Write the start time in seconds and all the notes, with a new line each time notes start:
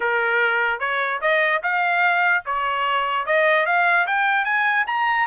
0.00 A#4
0.79 C#5
1.21 D#5
1.63 F5
2.45 C#5
3.25 D#5
3.65 F5
4.07 G5
4.44 G#5
4.86 A#5